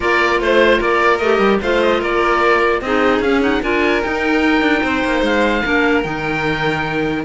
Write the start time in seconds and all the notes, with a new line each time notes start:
0.00 A#3 F4 A#4 D5
0.39 A3 C5
0.78 A#3 A#4 D5
1.17 A3 G4 D#5
1.38 G3
1.61 A3 F4 C5 F5
1.82 D#5
2.00 A#3 A#4 D5
2.81 C4 D#4 G#4 D#5
3.19 C#4 F5
3.26 C#4
3.41 D#4 F#5
3.62 D4 F4 A#4 G#5
4.03 D#4 G5
4.61 D4
4.82 C4 C5
5.04 A#3
5.21 G#3 F5
5.63 A#3 D4 A#4
6.02 D#3 D#4 G5